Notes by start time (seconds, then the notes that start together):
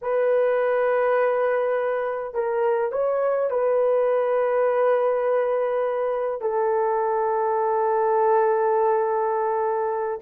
0.01 B4
2.34 A#4
2.92 C#5
3.50 B4
6.41 A4